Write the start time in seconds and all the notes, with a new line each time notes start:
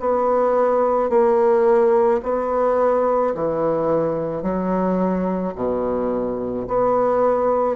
0.00 B3
1.10 A#3
2.23 B3
3.35 E3
4.42 F#3
5.55 B2
6.68 B3